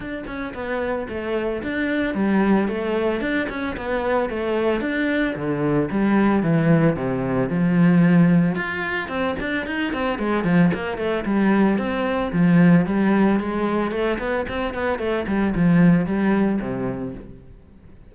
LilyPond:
\new Staff \with { instrumentName = "cello" } { \time 4/4 \tempo 4 = 112 d'8 cis'8 b4 a4 d'4 | g4 a4 d'8 cis'8 b4 | a4 d'4 d4 g4 | e4 c4 f2 |
f'4 c'8 d'8 dis'8 c'8 gis8 f8 | ais8 a8 g4 c'4 f4 | g4 gis4 a8 b8 c'8 b8 | a8 g8 f4 g4 c4 | }